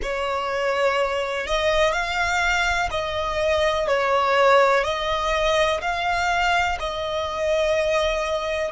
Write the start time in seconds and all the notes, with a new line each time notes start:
0.02 C#5
1.46 D#5
1.92 F5
2.90 D#5
3.87 C#5
4.83 D#5
5.81 F5
6.79 D#5